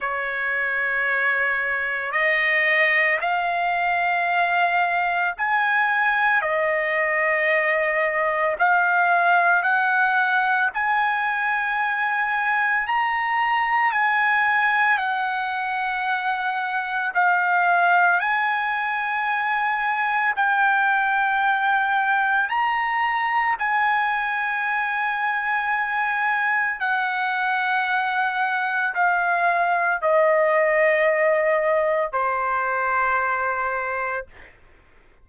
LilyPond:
\new Staff \with { instrumentName = "trumpet" } { \time 4/4 \tempo 4 = 56 cis''2 dis''4 f''4~ | f''4 gis''4 dis''2 | f''4 fis''4 gis''2 | ais''4 gis''4 fis''2 |
f''4 gis''2 g''4~ | g''4 ais''4 gis''2~ | gis''4 fis''2 f''4 | dis''2 c''2 | }